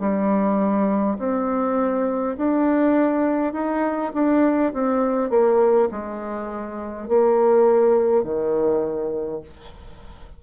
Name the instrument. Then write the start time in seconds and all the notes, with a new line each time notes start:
bassoon
0.00 G3
1.19 C4
2.37 D4
3.53 D#4
4.14 D4
4.73 C4
5.30 A#3
5.91 G#3
7.09 A#3
8.24 D#3